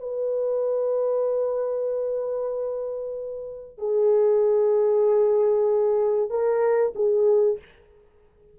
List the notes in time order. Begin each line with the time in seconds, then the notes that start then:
0.00 B4
3.78 G#4
6.30 A#4
6.95 G#4